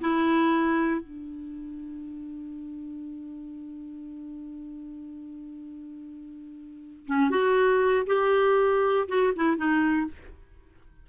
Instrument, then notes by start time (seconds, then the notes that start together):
clarinet
0.00 E4
1.01 D4
7.07 C#4
7.30 F#4
8.06 G4
9.08 F#4
9.35 E4
9.57 D#4